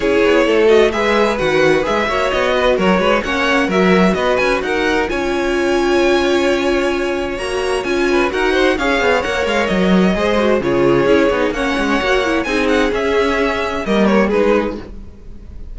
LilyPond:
<<
  \new Staff \with { instrumentName = "violin" } { \time 4/4 \tempo 4 = 130 cis''4. dis''8 e''4 fis''4 | e''4 dis''4 cis''4 fis''4 | e''4 dis''8 gis''8 fis''4 gis''4~ | gis''1 |
ais''4 gis''4 fis''4 f''4 | fis''8 f''8 dis''2 cis''4~ | cis''4 fis''2 gis''8 fis''8 | e''2 dis''8 cis''8 b'4 | }
  \new Staff \with { instrumentName = "violin" } { \time 4/4 gis'4 a'4 b'2~ | b'8 cis''4 b'8 ais'8 b'8 cis''4 | ais'4 b'4 ais'4 cis''4~ | cis''1~ |
cis''4. b'8 ais'8 c''8 cis''4~ | cis''2 c''4 gis'4~ | gis'4 cis''2 gis'4~ | gis'2 ais'4 gis'4 | }
  \new Staff \with { instrumentName = "viola" } { \time 4/4 e'4. fis'8 gis'4 fis'4 | gis'8 fis'2~ fis'8 cis'4 | fis'2. f'4~ | f'1 |
fis'4 f'4 fis'4 gis'4 | ais'2 gis'8 fis'8 f'4 | e'8 dis'8 cis'4 fis'8 e'8 dis'4 | cis'2 ais4 dis'4 | }
  \new Staff \with { instrumentName = "cello" } { \time 4/4 cis'8 b8 a4 gis4 dis4 | gis8 ais8 b4 fis8 gis8 ais4 | fis4 b8 cis'8 dis'4 cis'4~ | cis'1 |
ais4 cis'4 dis'4 cis'8 b8 | ais8 gis8 fis4 gis4 cis4 | cis'8 b8 ais8 gis8 ais4 c'4 | cis'2 g4 gis4 | }
>>